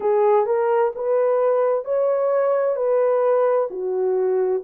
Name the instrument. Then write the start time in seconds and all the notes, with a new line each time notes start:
horn
0.00 G#4
0.46 A#4
0.95 B4
1.85 C#5
2.76 B4
3.70 F#4